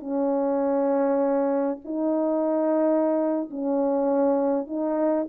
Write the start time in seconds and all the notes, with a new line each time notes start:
0.00 C#4
1.85 D#4
3.50 C#4
4.67 D#4